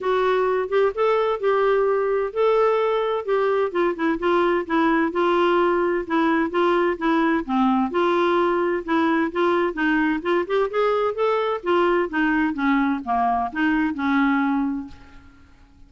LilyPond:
\new Staff \with { instrumentName = "clarinet" } { \time 4/4 \tempo 4 = 129 fis'4. g'8 a'4 g'4~ | g'4 a'2 g'4 | f'8 e'8 f'4 e'4 f'4~ | f'4 e'4 f'4 e'4 |
c'4 f'2 e'4 | f'4 dis'4 f'8 g'8 gis'4 | a'4 f'4 dis'4 cis'4 | ais4 dis'4 cis'2 | }